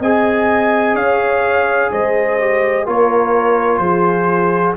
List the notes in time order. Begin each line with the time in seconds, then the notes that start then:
0.00 C4 G#4 D#5 G#5
0.95 C#4 C#5 F5
1.91 G#3 C5 D#5
2.39 G4
2.86 A#3 F4 A#4 C#5
3.78 F3 G#4 C5